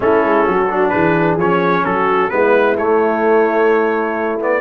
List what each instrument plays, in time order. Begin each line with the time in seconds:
0.00 tuba A3, trombone C#4, horn E4, trumpet A4
0.23 tuba G#3
0.46 tuba F#3, horn F#4
0.70 trombone D4
0.89 tuba E3, horn G#4, trumpet B4
1.36 tuba F3, trombone C#4, trumpet C#5
1.84 tuba F#3, horn F#4, trumpet A4
2.29 tuba G#3, trombone B3, horn E4, trumpet B4
2.77 tuba A3, trombone A3, trumpet C#5
4.39 trombone B3, trumpet D5